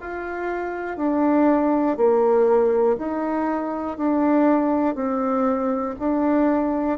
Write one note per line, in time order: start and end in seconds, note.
0.00 0.97 F4
0.97 1.97 D4
1.97 2.97 A#3
2.97 3.97 D#4
3.97 4.95 D4
4.95 5.95 C4
5.99 6.98 D4